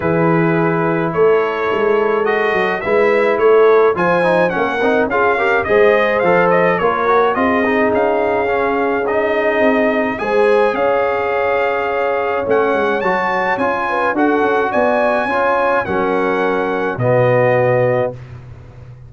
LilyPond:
<<
  \new Staff \with { instrumentName = "trumpet" } { \time 4/4 \tempo 4 = 106 b'2 cis''2 | dis''4 e''4 cis''4 gis''4 | fis''4 f''4 dis''4 f''8 dis''8 | cis''4 dis''4 f''2 |
dis''2 gis''4 f''4~ | f''2 fis''4 a''4 | gis''4 fis''4 gis''2 | fis''2 dis''2 | }
  \new Staff \with { instrumentName = "horn" } { \time 4/4 gis'2 a'2~ | a'4 b'4 a'4 c''4 | ais'4 gis'8 ais'8 c''2 | ais'4 gis'2.~ |
gis'2 c''4 cis''4~ | cis''1~ | cis''8 b'8 a'4 d''4 cis''4 | ais'2 fis'2 | }
  \new Staff \with { instrumentName = "trombone" } { \time 4/4 e'1 | fis'4 e'2 f'8 dis'8 | cis'8 dis'8 f'8 g'8 gis'4 a'4 | f'8 fis'8 f'8 dis'4. cis'4 |
dis'2 gis'2~ | gis'2 cis'4 fis'4 | f'4 fis'2 f'4 | cis'2 b2 | }
  \new Staff \with { instrumentName = "tuba" } { \time 4/4 e2 a4 gis4~ | gis8 fis8 gis4 a4 f4 | ais8 c'8 cis'4 gis4 f4 | ais4 c'4 cis'2~ |
cis'4 c'4 gis4 cis'4~ | cis'2 a8 gis8 fis4 | cis'4 d'8 cis'8 b4 cis'4 | fis2 b,2 | }
>>